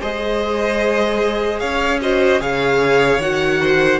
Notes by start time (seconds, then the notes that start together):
0.00 G#3 G#4 C5 D#5
1.59 C#4 C#5 F5
2.01 F#4 C5 D#5
2.40 C#3 G#4 C#5 F5
3.18 D#3 F#4 F#5
3.61 C5